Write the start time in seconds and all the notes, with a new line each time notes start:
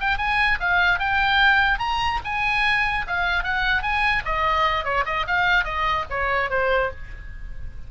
0.00 G5
0.18 G#5
0.60 F5
0.99 G5
1.79 A#5
2.24 G#5
3.07 F5
3.43 F#5
3.82 G#5
4.25 D#5
4.84 C#5
5.06 D#5
5.27 F5
5.64 D#5
6.10 C#5
6.50 C5